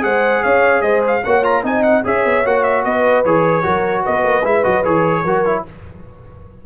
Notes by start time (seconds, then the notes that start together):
0.00 G#3 G#4 C5 F#5
0.43 C#4 C#5 F5
0.81 G#3 C5 D#5
1.07 F5
1.24 A#3 F#4 C#5 F#5
1.43 F4 A#5
1.63 C4 D#4 D#5 G#5
1.83 F#5
2.04 C#4 G#4 C#5 E5
2.25 B3
2.44 A#3 F#4 F#5
2.63 E5
2.84 B3 B4 D#5
3.25 E3 G#4 C#5
3.63 F#3 F#4 A#4
4.02 B3 B4 D#5
4.23 A#3
4.43 G#3 E4 E5
4.63 F#3 F#4 D#5
4.84 E3 G#4 C#5
5.23 F#3 F#4 A#4
5.46 E4